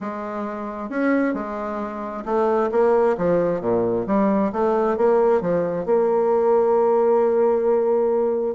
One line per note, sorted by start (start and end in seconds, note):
0.00 0.89 G#3
0.89 1.33 C#4
1.33 2.24 G#3
2.25 2.70 A3
2.71 3.16 A#3
3.17 3.60 F3
3.60 4.06 A#2
4.06 4.52 G3
4.52 4.97 A3
4.97 5.41 A#3
5.41 5.85 F3
5.85 8.55 A#3